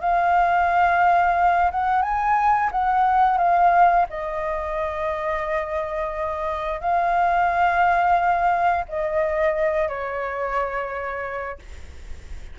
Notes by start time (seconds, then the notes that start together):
0.00 F5
1.71 F#5
2.01 G#5
2.71 F#5
3.37 F5
4.09 D#5
6.80 F5
8.88 D#5
9.88 C#5